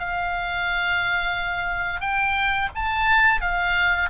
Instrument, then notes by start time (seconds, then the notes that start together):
oboe
0.00 F5
2.01 G5
2.76 A5
3.42 F5